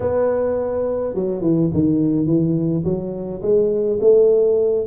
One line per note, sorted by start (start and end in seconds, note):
0.00 1.14 B3
1.14 1.41 F#3
1.41 1.70 E3
1.73 2.26 D#3
2.26 2.83 E3
2.84 3.41 F#3
3.42 3.99 G#3
4.01 4.86 A3